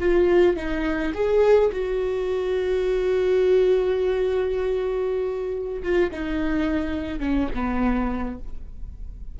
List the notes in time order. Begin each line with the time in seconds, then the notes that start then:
0.00 F4
0.57 D#4
1.14 G#4
1.72 F#4
5.83 F4
6.11 D#4
7.20 C#4
7.55 B3